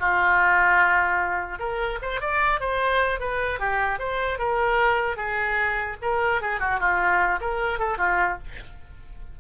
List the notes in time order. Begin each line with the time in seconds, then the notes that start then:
0.00 F4
1.59 A#4
2.02 C5
2.21 D5
2.61 C5
3.20 B4
3.60 G4
3.99 C5
4.39 A#4
5.17 G#4
6.02 A#4
6.42 G#4
6.60 F#4
6.80 F4
7.41 A#4
7.79 A4
7.98 F4